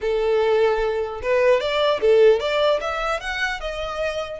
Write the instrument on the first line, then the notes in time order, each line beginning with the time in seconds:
violin
0.01 A4
1.22 B4
1.60 D5
2.00 A4
2.40 D5
2.80 E5
3.20 F#5
3.60 D#5